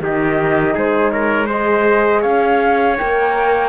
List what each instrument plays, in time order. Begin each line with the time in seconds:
0.00 cello D#3, horn D#4, trumpet G4, flute D#5
0.74 cello G#3, trumpet G#4, flute C5
1.10 trumpet A#4, flute C#5
1.46 horn G#4, trumpet C5, flute D#5
2.21 cello C#4, trumpet C#5, flute F5
2.98 cello A#3, horn A#4, flute G5